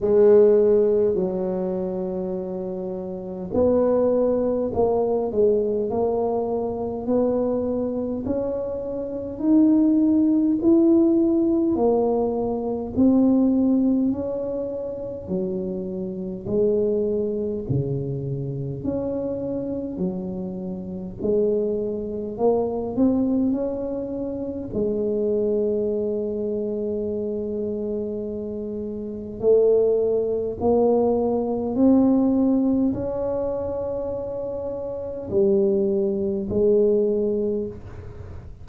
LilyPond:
\new Staff \with { instrumentName = "tuba" } { \time 4/4 \tempo 4 = 51 gis4 fis2 b4 | ais8 gis8 ais4 b4 cis'4 | dis'4 e'4 ais4 c'4 | cis'4 fis4 gis4 cis4 |
cis'4 fis4 gis4 ais8 c'8 | cis'4 gis2.~ | gis4 a4 ais4 c'4 | cis'2 g4 gis4 | }